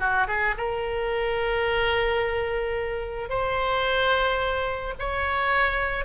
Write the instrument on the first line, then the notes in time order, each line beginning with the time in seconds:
oboe
0.00 F#4
0.28 G#4
0.58 A#4
3.30 C5
4.99 C#5